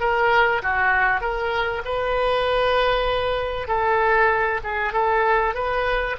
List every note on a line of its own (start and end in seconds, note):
0.00 0.62 A#4
0.62 1.21 F#4
1.21 1.82 A#4
1.84 3.67 B4
3.67 4.60 A4
4.64 4.93 G#4
4.93 5.54 A4
5.54 6.16 B4